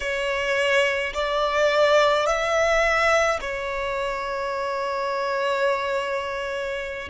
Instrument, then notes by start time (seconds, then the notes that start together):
violin
0.00 C#5
1.13 D5
2.26 E5
3.40 C#5